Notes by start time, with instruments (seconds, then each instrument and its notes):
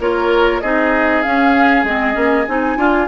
0.00 bassoon A#3, clarinet F4, oboe A#4, flute C#5
0.61 bassoon C4, clarinet D#4, oboe G#4, flute D#5
1.23 clarinet C#4, bassoon C#4, flute F5
1.84 bassoon G#3, clarinet C4, flute D#5
2.14 bassoon A#3, clarinet C#4
2.48 bassoon C4, clarinet D#4, flute G#5
2.77 bassoon D4, clarinet F4, oboe F4